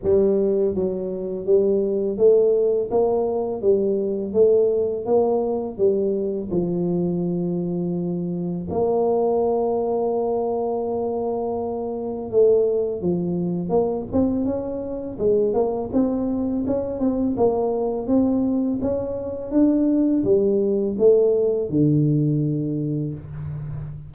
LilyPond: \new Staff \with { instrumentName = "tuba" } { \time 4/4 \tempo 4 = 83 g4 fis4 g4 a4 | ais4 g4 a4 ais4 | g4 f2. | ais1~ |
ais4 a4 f4 ais8 c'8 | cis'4 gis8 ais8 c'4 cis'8 c'8 | ais4 c'4 cis'4 d'4 | g4 a4 d2 | }